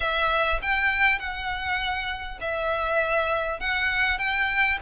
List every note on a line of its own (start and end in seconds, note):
0.00 0.60 E5
0.61 1.19 G5
1.19 2.39 F#5
2.41 3.60 E5
3.60 4.18 F#5
4.18 4.78 G5